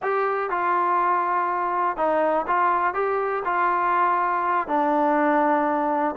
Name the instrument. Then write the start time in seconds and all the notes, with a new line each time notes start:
trombone
0.02 G4
0.49 F4
1.96 D#4
2.47 F4
2.94 G4
3.44 F4
4.67 D4